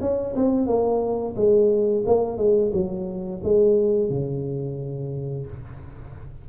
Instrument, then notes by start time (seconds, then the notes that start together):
tuba
0.00 C#4
0.35 C4
0.66 A#3
1.36 G#3
2.06 A#3
2.37 G#3
2.73 F#3
3.43 G#3
4.09 C#3